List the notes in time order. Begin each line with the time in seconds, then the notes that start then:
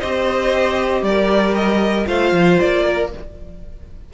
0.00 C4 G4 C5 D#5
1.02 G3 A#4 D5
1.54 D#5
2.05 A3 F4 C5 F5
2.32 F3
2.59 A#3 D5
2.86 A#4